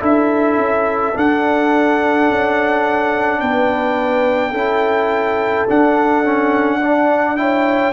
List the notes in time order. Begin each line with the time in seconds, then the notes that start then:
0.00 D4 E4 A4 E5
0.57 C#4
1.14 D4 F#5
2.29 C#4
3.40 B3 B4 G5
4.50 C#4 E4 A4
5.68 D4 F#5
6.24 C#4
6.81 D4 D5
7.37 E4 C#5 G5